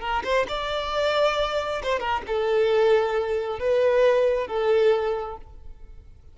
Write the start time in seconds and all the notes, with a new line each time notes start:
0.00 A#4
0.24 C5
0.48 D5
1.83 C5
1.99 A#4
2.27 A4
3.59 B4
4.47 A4